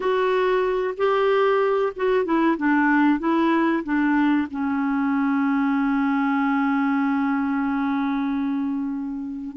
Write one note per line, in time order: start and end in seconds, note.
0.00 0.94 F#4
0.97 1.92 G4
1.96 2.24 F#4
2.24 2.56 E4
2.57 3.19 D4
3.19 3.83 E4
3.83 4.47 D4
4.50 9.56 C#4